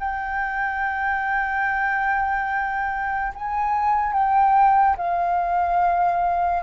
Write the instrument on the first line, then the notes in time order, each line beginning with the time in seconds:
flute
0.00 G5
3.35 G#5
4.13 G5
4.98 F5